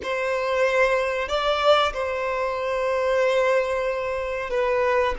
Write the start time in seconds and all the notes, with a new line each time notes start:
0.02 C5
1.28 D5
1.93 C5
4.50 B4